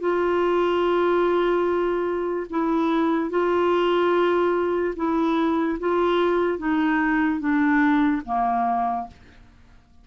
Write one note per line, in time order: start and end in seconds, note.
0.00 2.47 F4
2.50 3.30 E4
3.30 4.94 F4
4.96 5.78 E4
5.79 6.58 F4
6.58 7.40 D#4
7.40 8.22 D4
8.25 9.07 A#3